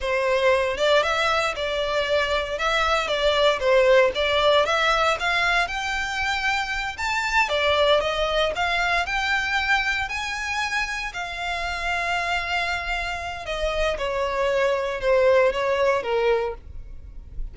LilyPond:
\new Staff \with { instrumentName = "violin" } { \time 4/4 \tempo 4 = 116 c''4. d''8 e''4 d''4~ | d''4 e''4 d''4 c''4 | d''4 e''4 f''4 g''4~ | g''4. a''4 d''4 dis''8~ |
dis''8 f''4 g''2 gis''8~ | gis''4. f''2~ f''8~ | f''2 dis''4 cis''4~ | cis''4 c''4 cis''4 ais'4 | }